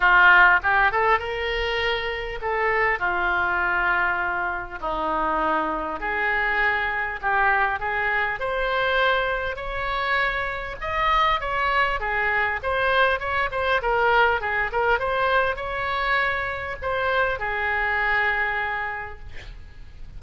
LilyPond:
\new Staff \with { instrumentName = "oboe" } { \time 4/4 \tempo 4 = 100 f'4 g'8 a'8 ais'2 | a'4 f'2. | dis'2 gis'2 | g'4 gis'4 c''2 |
cis''2 dis''4 cis''4 | gis'4 c''4 cis''8 c''8 ais'4 | gis'8 ais'8 c''4 cis''2 | c''4 gis'2. | }